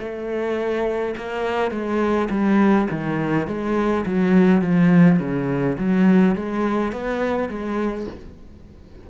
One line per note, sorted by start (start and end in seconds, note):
0.00 1.15 A3
1.17 1.72 A#3
1.72 2.29 G#3
2.31 2.88 G3
2.91 3.48 D#3
3.48 4.05 G#3
4.06 4.62 F#3
4.62 5.20 F3
5.20 5.77 C#3
5.78 6.36 F#3
6.36 6.93 G#3
6.93 7.49 B3
7.49 8.07 G#3